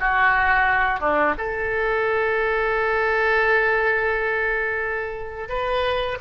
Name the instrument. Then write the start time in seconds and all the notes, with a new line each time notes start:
oboe
0.00 F#4
1.00 D4
1.38 A4
5.49 B4